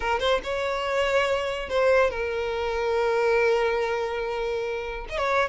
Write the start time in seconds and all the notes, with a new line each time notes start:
0.00 A#4
0.19 C5
0.43 C#5
1.69 C5
2.10 A#4
5.09 D#5
5.17 C#5